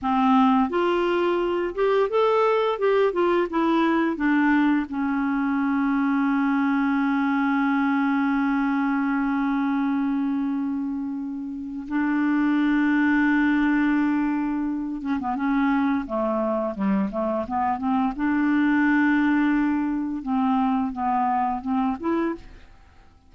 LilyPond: \new Staff \with { instrumentName = "clarinet" } { \time 4/4 \tempo 4 = 86 c'4 f'4. g'8 a'4 | g'8 f'8 e'4 d'4 cis'4~ | cis'1~ | cis'1~ |
cis'4 d'2.~ | d'4. cis'16 b16 cis'4 a4 | g8 a8 b8 c'8 d'2~ | d'4 c'4 b4 c'8 e'8 | }